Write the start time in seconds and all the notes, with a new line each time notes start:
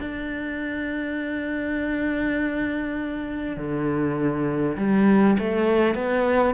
0.00 D4
3.57 D3
4.78 G3
5.39 A3
5.95 B3